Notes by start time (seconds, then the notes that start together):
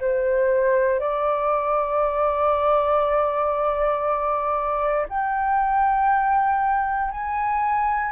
0.00 C5
0.99 D5
5.08 G5
7.11 G#5